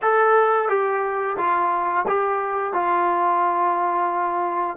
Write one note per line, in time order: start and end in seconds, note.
0.02 0.68 A4
0.68 1.36 G4
1.37 2.05 F4
2.07 2.73 G4
2.73 4.77 F4